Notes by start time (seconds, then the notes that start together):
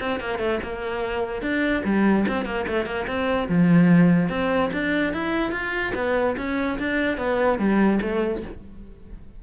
0.00 C4
0.20 A#3
0.39 A3
0.63 A#3
1.42 D4
1.85 G3
2.28 C4
2.45 A#3
2.67 A3
2.86 A#3
3.07 C4
3.48 F3
4.29 C4
4.73 D4
5.13 E4
5.52 F4
5.95 B3
6.37 C#4
6.79 D4
7.18 B3
7.59 G3
8.02 A3